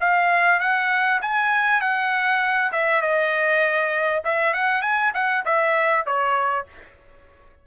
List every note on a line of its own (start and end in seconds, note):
0.00 0.60 F5
0.60 1.20 F#5
1.21 1.80 G#5
1.80 2.71 F#5
2.72 3.02 E5
3.02 4.23 D#5
4.24 4.53 E5
4.53 4.82 F#5
4.82 5.12 G#5
5.14 5.44 F#5
5.45 6.06 E5
6.06 6.66 C#5